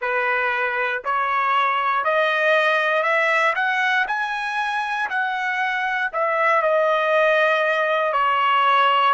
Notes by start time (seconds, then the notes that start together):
0.00 B4
1.04 C#5
2.04 D#5
3.02 E5
3.55 F#5
4.07 G#5
5.09 F#5
6.12 E5
6.61 D#5
8.13 C#5